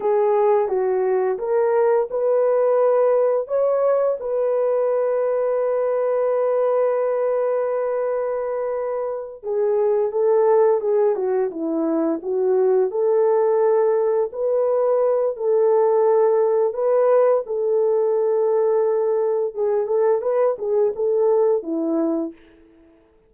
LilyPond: \new Staff \with { instrumentName = "horn" } { \time 4/4 \tempo 4 = 86 gis'4 fis'4 ais'4 b'4~ | b'4 cis''4 b'2~ | b'1~ | b'4. gis'4 a'4 gis'8 |
fis'8 e'4 fis'4 a'4.~ | a'8 b'4. a'2 | b'4 a'2. | gis'8 a'8 b'8 gis'8 a'4 e'4 | }